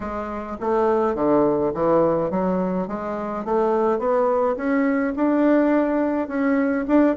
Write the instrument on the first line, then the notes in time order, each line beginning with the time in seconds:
bassoon
0.00 G#3
0.60 A3
1.14 D3
1.74 E3
2.30 F#3
2.87 G#3
3.44 A3
3.98 B3
4.56 C#4
5.16 D4
6.28 C#4
6.87 D4